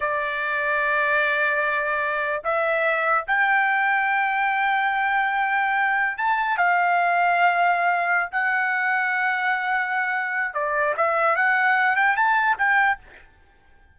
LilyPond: \new Staff \with { instrumentName = "trumpet" } { \time 4/4 \tempo 4 = 148 d''1~ | d''2 e''2 | g''1~ | g''2.~ g''16 a''8.~ |
a''16 f''2.~ f''8.~ | f''8 fis''2.~ fis''8~ | fis''2 d''4 e''4 | fis''4. g''8 a''4 g''4 | }